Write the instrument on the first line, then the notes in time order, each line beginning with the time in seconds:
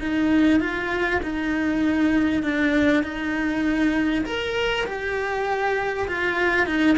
cello
0.00 D#4
0.60 F4
1.23 D#4
2.43 D4
3.04 D#4
4.25 A#4
4.87 G4
6.08 F4
6.67 D#4